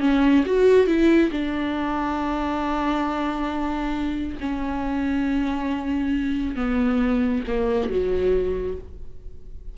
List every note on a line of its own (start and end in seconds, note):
0.00 0.44 C#4
0.45 0.86 F#4
0.86 1.30 E4
1.31 4.38 D4
4.40 6.55 C#4
6.55 7.43 B3
7.47 7.90 A#3
7.90 8.77 F#3